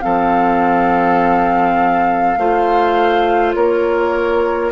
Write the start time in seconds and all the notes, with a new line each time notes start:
0.00 F3 C4 A4 F5
2.37 A3 F4 C5
3.54 A#3 A#4 C#5